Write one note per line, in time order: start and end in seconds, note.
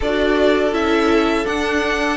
0.00 0.72 D4
0.00 0.72 F#4
0.00 2.17 A4
0.00 0.74 D5
0.72 1.45 C#4
0.72 1.45 E4
0.72 1.46 E5
1.45 2.17 D4
1.45 2.17 F#5